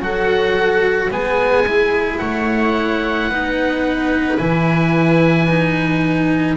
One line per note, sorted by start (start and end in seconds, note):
0.00 1.09 F#3
0.00 1.11 F#4
0.00 1.11 A4
0.00 1.12 F#5
1.11 2.21 G#3
1.11 1.65 B3
1.11 2.20 G#4
1.11 2.19 G#5
1.67 3.31 E4
2.19 3.29 A3
2.19 3.30 C#5
2.19 4.37 F#5
3.29 4.38 B3
3.29 4.39 D#4
3.29 6.57 B4
4.38 6.57 E3
4.38 5.48 E4
4.38 6.56 G#5
5.49 6.57 D#4